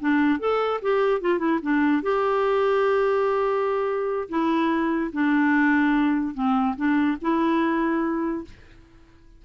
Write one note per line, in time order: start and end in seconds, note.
0.00 0.39 D4
0.39 0.81 A4
0.82 1.21 G4
1.21 1.39 F4
1.39 1.59 E4
1.62 2.02 D4
2.02 4.29 G4
4.29 5.11 E4
5.13 6.34 D4
6.34 6.75 C4
6.76 7.17 D4
7.21 8.45 E4